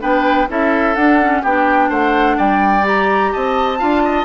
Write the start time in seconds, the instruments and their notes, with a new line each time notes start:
0.00 bassoon B3, clarinet D4, oboe B4, flute G5
0.48 bassoon C#4, clarinet E4, oboe A4, flute E5
0.95 bassoon D4, clarinet D4, flute F#5
1.21 clarinet C#4
1.42 bassoon B3, clarinet D4, oboe G4, flute G5
1.89 bassoon A3, oboe C5, flute F#5
2.37 bassoon G3, oboe D5, flute G5
2.83 clarinet G4, flute A#5
3.32 bassoon C4, oboe D#5, flute A5
3.78 bassoon D4, clarinet F4, oboe F5
4.04 oboe D#5